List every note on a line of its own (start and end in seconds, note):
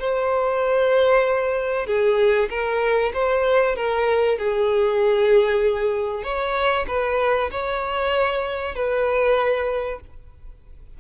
0.00 1.87 C5
1.87 2.49 G#4
2.50 3.12 A#4
3.14 3.76 C5
3.76 4.38 A#4
4.38 6.24 G#4
6.24 6.86 C#5
6.88 7.50 B4
7.51 8.75 C#5
8.75 10.00 B4